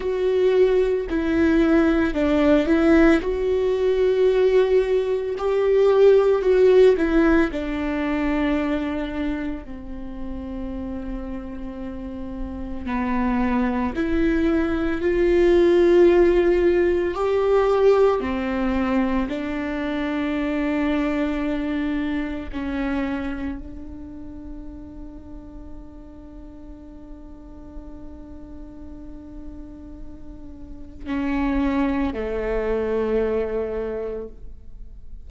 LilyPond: \new Staff \with { instrumentName = "viola" } { \time 4/4 \tempo 4 = 56 fis'4 e'4 d'8 e'8 fis'4~ | fis'4 g'4 fis'8 e'8 d'4~ | d'4 c'2. | b4 e'4 f'2 |
g'4 c'4 d'2~ | d'4 cis'4 d'2~ | d'1~ | d'4 cis'4 a2 | }